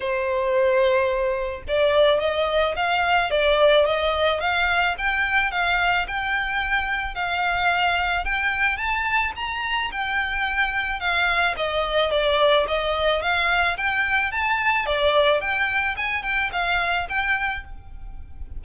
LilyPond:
\new Staff \with { instrumentName = "violin" } { \time 4/4 \tempo 4 = 109 c''2. d''4 | dis''4 f''4 d''4 dis''4 | f''4 g''4 f''4 g''4~ | g''4 f''2 g''4 |
a''4 ais''4 g''2 | f''4 dis''4 d''4 dis''4 | f''4 g''4 a''4 d''4 | g''4 gis''8 g''8 f''4 g''4 | }